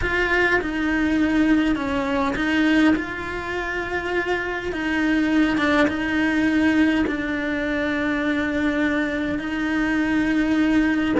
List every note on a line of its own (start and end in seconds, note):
0.01 0.60 F4
0.61 1.75 D#4
1.75 2.34 C#4
2.35 2.94 D#4
2.95 4.72 F4
4.72 5.57 D#4
5.57 5.87 D4
5.87 7.05 D#4
7.06 9.39 D4
9.39 11.15 D#4